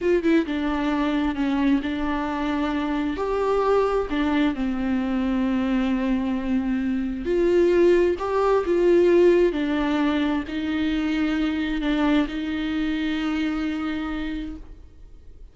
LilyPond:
\new Staff \with { instrumentName = "viola" } { \time 4/4 \tempo 4 = 132 f'8 e'8 d'2 cis'4 | d'2. g'4~ | g'4 d'4 c'2~ | c'1 |
f'2 g'4 f'4~ | f'4 d'2 dis'4~ | dis'2 d'4 dis'4~ | dis'1 | }